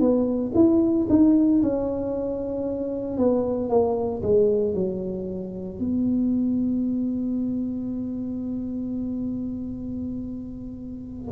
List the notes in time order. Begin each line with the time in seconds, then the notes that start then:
0.00 B3
0.55 E4
1.10 D#4
1.63 C#4
3.18 B3
3.70 A#3
4.23 G#3
4.75 F#3
5.79 B3